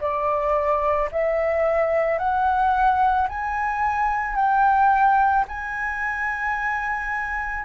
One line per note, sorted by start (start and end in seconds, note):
0.00 1.09 D5
1.12 2.18 E5
2.18 3.27 F#5
3.29 4.35 G#5
4.35 5.44 G5
5.48 7.65 G#5